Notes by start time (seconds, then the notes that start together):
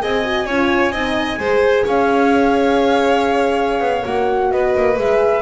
0.00 C4 G#4 D#5 G#5
0.24 F#4
0.46 C#4 F4 C#5
0.92 C4 D#4 D#5
1.38 G#3 G#4 C5
1.84 C#4 C#5 F5
3.80 B3
4.05 A#3 F#4 F#5
4.51 B3 B4 D#5
4.76 A#3
4.96 G#3 G#4 E5